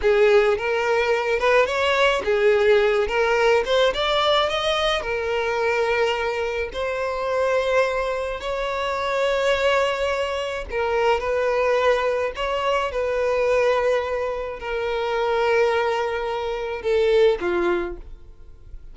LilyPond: \new Staff \with { instrumentName = "violin" } { \time 4/4 \tempo 4 = 107 gis'4 ais'4. b'8 cis''4 | gis'4. ais'4 c''8 d''4 | dis''4 ais'2. | c''2. cis''4~ |
cis''2. ais'4 | b'2 cis''4 b'4~ | b'2 ais'2~ | ais'2 a'4 f'4 | }